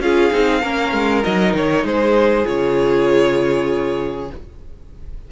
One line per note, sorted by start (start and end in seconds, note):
0.00 0.31 C#4
0.00 0.31 F4
0.00 0.62 G#4
0.00 1.23 F5
0.31 0.63 C4
0.31 0.62 D#4
0.62 0.93 A#3
0.62 1.23 C#4
0.62 1.84 A#4
0.93 1.23 G#3
1.23 1.54 F#3
1.23 2.44 D#4
1.23 1.54 D#5
1.54 1.84 D#3
1.54 1.86 C#5
1.84 2.45 G#3
1.84 4.32 G#4
1.84 2.47 C5
2.44 4.31 C#3
2.44 4.28 F4
2.44 4.30 C#5